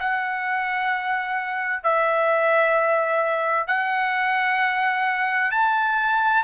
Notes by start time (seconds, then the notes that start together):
0.00 F#5
1.83 E5
3.68 F#5
5.51 A5